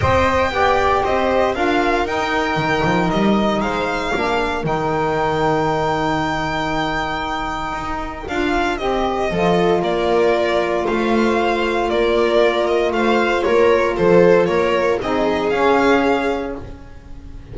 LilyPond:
<<
  \new Staff \with { instrumentName = "violin" } { \time 4/4 \tempo 4 = 116 g''2 dis''4 f''4 | g''2 dis''4 f''4~ | f''4 g''2.~ | g''1 |
f''4 dis''2 d''4~ | d''4 f''2 d''4~ | d''8 dis''8 f''4 cis''4 c''4 | cis''4 dis''4 f''2 | }
  \new Staff \with { instrumentName = "viola" } { \time 4/4 dis''4 d''4 c''4 ais'4~ | ais'2. c''4 | ais'1~ | ais'1~ |
ais'2 a'4 ais'4~ | ais'4 c''2 ais'4~ | ais'4 c''4 ais'4 a'4 | ais'4 gis'2. | }
  \new Staff \with { instrumentName = "saxophone" } { \time 4/4 c''4 g'2 f'4 | dis'1 | d'4 dis'2.~ | dis'1 |
f'4 g'4 f'2~ | f'1~ | f'1~ | f'4 dis'4 cis'2 | }
  \new Staff \with { instrumentName = "double bass" } { \time 4/4 c'4 b4 c'4 d'4 | dis'4 dis8 f8 g4 gis4 | ais4 dis2.~ | dis2. dis'4 |
d'4 c'4 f4 ais4~ | ais4 a2 ais4~ | ais4 a4 ais4 f4 | ais4 c'4 cis'2 | }
>>